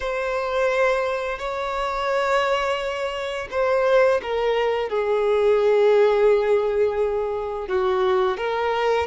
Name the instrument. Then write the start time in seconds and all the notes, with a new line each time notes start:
violin
0.00 C5
1.38 C#5
3.51 C5
4.22 A#4
4.89 G#4
7.68 F#4
8.37 A#4